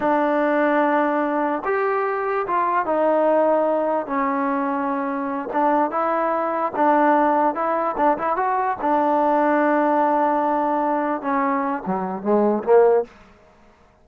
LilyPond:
\new Staff \with { instrumentName = "trombone" } { \time 4/4 \tempo 4 = 147 d'1 | g'2 f'4 dis'4~ | dis'2 cis'2~ | cis'4. d'4 e'4.~ |
e'8 d'2 e'4 d'8 | e'8 fis'4 d'2~ d'8~ | d'2.~ d'8 cis'8~ | cis'4 fis4 gis4 ais4 | }